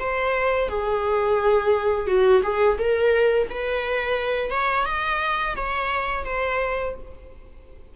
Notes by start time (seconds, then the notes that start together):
0.00 C5
0.69 G#4
2.07 F#4
2.44 G#4
2.79 A#4
3.50 B4
4.51 C#5
4.86 D#5
5.56 C#5
6.25 C5